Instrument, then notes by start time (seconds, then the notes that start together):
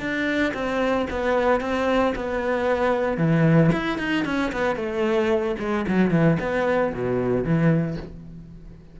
cello
0.00 D4
0.54 C4
1.11 B3
1.61 C4
2.16 B3
3.18 E3
3.73 E4
3.99 D#4
4.26 C#4
4.53 B3
4.76 A3
5.59 G#3
5.88 F#3
6.11 E3
6.40 B3
6.94 B2
7.44 E3